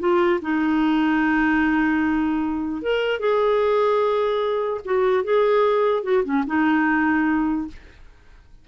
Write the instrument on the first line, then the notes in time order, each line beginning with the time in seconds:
clarinet
0.00 F4
0.42 D#4
2.82 A#4
3.20 G#4
4.85 F#4
5.24 G#4
6.03 F#4
6.24 C#4
6.47 D#4